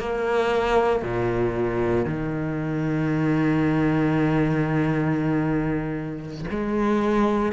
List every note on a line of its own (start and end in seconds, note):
0.00 1.03 A#3
1.03 2.06 A#2
2.06 6.45 D#3
6.51 7.53 G#3